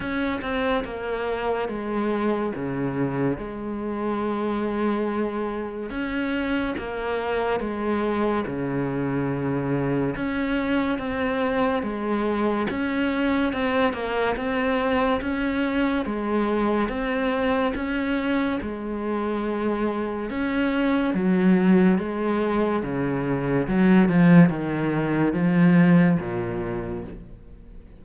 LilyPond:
\new Staff \with { instrumentName = "cello" } { \time 4/4 \tempo 4 = 71 cis'8 c'8 ais4 gis4 cis4 | gis2. cis'4 | ais4 gis4 cis2 | cis'4 c'4 gis4 cis'4 |
c'8 ais8 c'4 cis'4 gis4 | c'4 cis'4 gis2 | cis'4 fis4 gis4 cis4 | fis8 f8 dis4 f4 ais,4 | }